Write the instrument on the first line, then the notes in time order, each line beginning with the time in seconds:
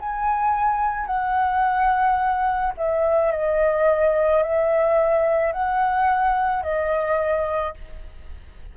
flute
0.00 G#5
1.07 F#5
2.77 E5
3.32 D#5
4.43 E5
5.53 F#5
6.63 D#5